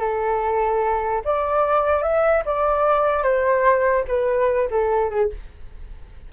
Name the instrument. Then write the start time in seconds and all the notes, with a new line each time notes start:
flute
0.00 A4
1.24 D5
2.03 E5
2.45 D5
3.23 C5
4.08 B4
4.71 A4
5.10 G#4